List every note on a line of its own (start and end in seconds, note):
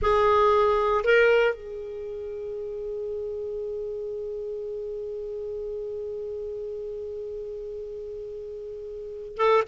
0.01 1.04 G#4
1.04 1.54 A#4
1.54 9.37 G#4
9.37 9.63 A4